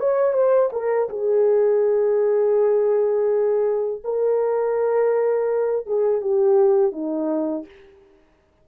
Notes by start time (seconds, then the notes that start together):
0.00 C#5
0.33 C5
0.73 A#4
1.09 G#4
4.04 A#4
5.86 G#4
6.21 G4
6.92 D#4